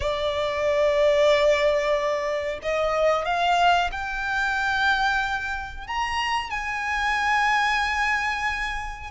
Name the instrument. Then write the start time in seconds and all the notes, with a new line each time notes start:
violin
0.00 D5
2.62 D#5
3.25 F5
3.91 G5
5.87 A#5
6.50 G#5